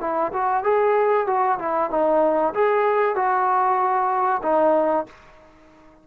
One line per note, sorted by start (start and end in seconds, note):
0.00 0.32 E4
0.32 0.63 F#4
0.63 1.27 G#4
1.27 1.58 F#4
1.59 1.90 E4
1.90 2.53 D#4
2.54 3.15 G#4
3.15 4.42 F#4
4.42 5.06 D#4